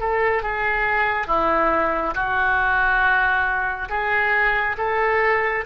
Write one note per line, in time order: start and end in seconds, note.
0.00 0.43 A4
0.43 1.28 G#4
1.28 2.15 E4
2.15 3.89 F#4
3.89 4.76 G#4
4.78 5.65 A4